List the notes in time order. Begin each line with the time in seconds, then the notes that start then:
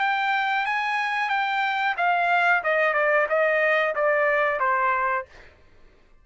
0.00 G5
0.66 G#5
1.29 G5
1.97 F5
2.64 D#5
2.94 D5
3.29 D#5
3.96 D5
4.60 C5